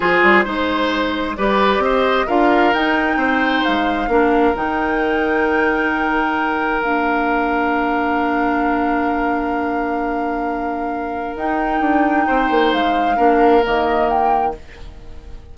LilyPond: <<
  \new Staff \with { instrumentName = "flute" } { \time 4/4 \tempo 4 = 132 c''2. d''4 | dis''4 f''4 g''2 | f''2 g''2~ | g''2. f''4~ |
f''1~ | f''1~ | f''4 g''2. | f''2 dis''4 g''4 | }
  \new Staff \with { instrumentName = "oboe" } { \time 4/4 gis'4 c''2 b'4 | c''4 ais'2 c''4~ | c''4 ais'2.~ | ais'1~ |
ais'1~ | ais'1~ | ais'2. c''4~ | c''4 ais'2. | }
  \new Staff \with { instrumentName = "clarinet" } { \time 4/4 f'4 dis'2 g'4~ | g'4 f'4 dis'2~ | dis'4 d'4 dis'2~ | dis'2. d'4~ |
d'1~ | d'1~ | d'4 dis'2.~ | dis'4 d'4 ais2 | }
  \new Staff \with { instrumentName = "bassoon" } { \time 4/4 f8 g8 gis2 g4 | c'4 d'4 dis'4 c'4 | gis4 ais4 dis2~ | dis2. ais4~ |
ais1~ | ais1~ | ais4 dis'4 d'4 c'8 ais8 | gis4 ais4 dis2 | }
>>